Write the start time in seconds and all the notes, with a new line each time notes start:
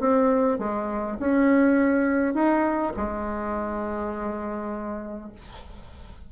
0.00 C4
0.59 G#3
1.20 C#4
2.34 D#4
2.97 G#3